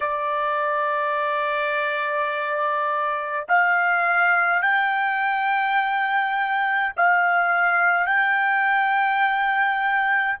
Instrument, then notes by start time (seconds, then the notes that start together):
trumpet
0.00 D5
3.48 F5
4.62 G5
6.96 F5
8.06 G5